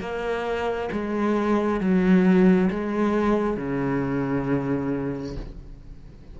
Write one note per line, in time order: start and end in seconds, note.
0.00 0.90 A#3
0.92 1.80 G#3
1.80 2.70 F#3
2.71 3.57 G#3
3.57 5.36 C#3